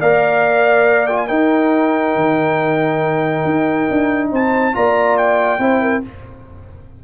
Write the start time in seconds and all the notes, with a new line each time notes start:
0.00 A#3 A#4 D5 F5
1.07 F4 G5
1.17 G#5
1.27 D#4 A#4 G5
2.15 D#3
3.45 D#4
3.90 D4
4.31 C4 C5 A5
4.73 A#3 F4 D5 A#5
5.17 G5
5.59 C4 E4 C5
5.82 A#4